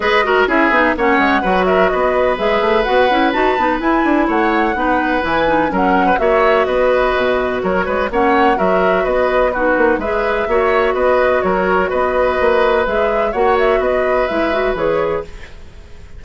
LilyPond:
<<
  \new Staff \with { instrumentName = "flute" } { \time 4/4 \tempo 4 = 126 dis''4 e''4 fis''4. e''8 | dis''4 e''4 fis''4 a''4 | gis''4 fis''2 gis''4 | fis''4 e''4 dis''2 |
cis''4 fis''4 e''4 dis''4 | b'4 e''2 dis''4 | cis''4 dis''2 e''4 | fis''8 e''8 dis''4 e''4 cis''4 | }
  \new Staff \with { instrumentName = "oboe" } { \time 4/4 b'8 ais'8 gis'4 cis''4 b'8 ais'8 | b'1~ | b'4 cis''4 b'2 | ais'8. b'16 cis''4 b'2 |
ais'8 b'8 cis''4 ais'4 b'4 | fis'4 b'4 cis''4 b'4 | ais'4 b'2. | cis''4 b'2. | }
  \new Staff \with { instrumentName = "clarinet" } { \time 4/4 gis'8 fis'8 e'8 dis'8 cis'4 fis'4~ | fis'4 gis'4 fis'8 e'8 fis'8 dis'8 | e'2 dis'4 e'8 dis'8 | cis'4 fis'2.~ |
fis'4 cis'4 fis'2 | dis'4 gis'4 fis'2~ | fis'2. gis'4 | fis'2 e'8 fis'8 gis'4 | }
  \new Staff \with { instrumentName = "bassoon" } { \time 4/4 gis4 cis'8 b8 ais8 gis8 fis4 | b4 gis8 a8 b8 cis'8 dis'8 b8 | e'8 d'8 a4 b4 e4 | fis4 ais4 b4 b,4 |
fis8 gis8 ais4 fis4 b4~ | b8 ais8 gis4 ais4 b4 | fis4 b4 ais4 gis4 | ais4 b4 gis4 e4 | }
>>